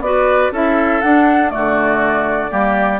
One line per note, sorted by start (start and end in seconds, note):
0.00 0.50 B3
0.00 0.53 F#4
0.00 0.52 B4
0.00 0.51 D5
0.52 1.02 C#4
0.52 1.03 E4
0.52 1.52 A4
0.52 1.01 E5
1.01 1.48 D4
1.01 1.53 D4
1.01 1.49 F#5
1.48 2.48 A3
1.48 2.51 F#4
1.48 2.99 D5
1.56 2.52 D3
2.50 2.99 G3
2.50 2.99 A#3
2.50 2.99 G4